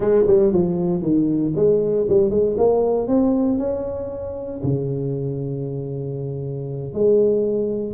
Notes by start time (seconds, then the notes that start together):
0.00 G#3
0.27 G3
0.52 F3
1.02 D#3
1.55 G#3
2.08 G3
2.30 G#3
2.57 A#3
3.07 C4
3.58 C#4
4.63 C#3
6.93 G#3